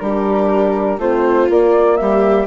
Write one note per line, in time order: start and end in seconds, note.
0.00 0.98 G3
0.00 0.99 D4
0.00 1.00 G4
0.00 0.99 A#4
0.98 1.47 A3
0.98 1.48 C4
0.98 1.99 F4
0.98 1.50 C5
1.48 2.47 A#3
1.48 1.99 A#3
1.48 1.96 D5
1.96 2.47 G3
1.96 2.47 G4
1.96 2.46 E5